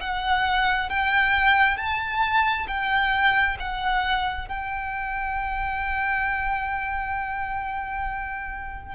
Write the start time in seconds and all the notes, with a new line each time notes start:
0.00 F#5
0.89 G5
1.77 A5
2.67 G5
3.59 F#5
4.48 G5